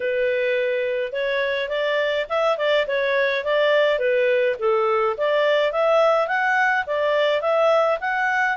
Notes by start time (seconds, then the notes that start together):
0.00 B4
1.12 C#5
1.68 D5
2.29 E5
2.57 D5
2.87 C#5
3.44 D5
3.98 B4
4.59 A4
5.17 D5
5.72 E5
6.27 F#5
6.86 D5
7.41 E5
8.00 F#5